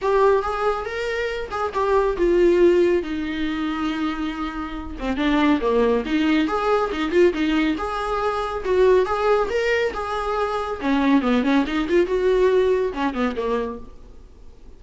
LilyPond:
\new Staff \with { instrumentName = "viola" } { \time 4/4 \tempo 4 = 139 g'4 gis'4 ais'4. gis'8 | g'4 f'2 dis'4~ | dis'2.~ dis'8 c'8 | d'4 ais4 dis'4 gis'4 |
dis'8 f'8 dis'4 gis'2 | fis'4 gis'4 ais'4 gis'4~ | gis'4 cis'4 b8 cis'8 dis'8 f'8 | fis'2 cis'8 b8 ais4 | }